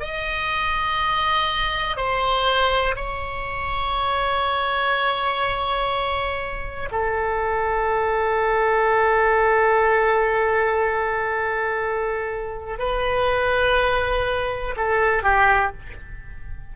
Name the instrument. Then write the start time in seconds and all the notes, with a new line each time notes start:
oboe
0.00 D#5
1.96 C5
2.96 C#5
6.91 A4
12.78 B4
14.76 A4
15.23 G4